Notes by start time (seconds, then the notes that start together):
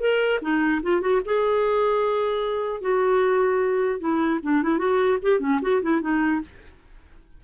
0.00 A#4
0.42 D#4
0.83 F4
1.01 F#4
1.26 G#4
2.81 F#4
4.00 E4
4.43 D4
4.63 E4
4.79 F#4
5.23 G4
5.40 C#4
5.62 F#4
5.83 E4
6.01 D#4